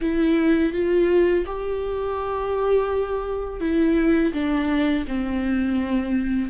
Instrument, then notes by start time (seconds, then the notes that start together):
viola
0.01 E4
0.73 F4
1.46 G4
3.60 E4
4.33 D4
5.07 C4